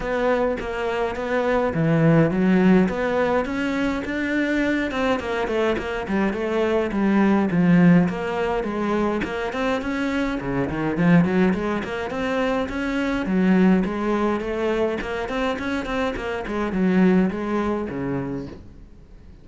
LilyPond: \new Staff \with { instrumentName = "cello" } { \time 4/4 \tempo 4 = 104 b4 ais4 b4 e4 | fis4 b4 cis'4 d'4~ | d'8 c'8 ais8 a8 ais8 g8 a4 | g4 f4 ais4 gis4 |
ais8 c'8 cis'4 cis8 dis8 f8 fis8 | gis8 ais8 c'4 cis'4 fis4 | gis4 a4 ais8 c'8 cis'8 c'8 | ais8 gis8 fis4 gis4 cis4 | }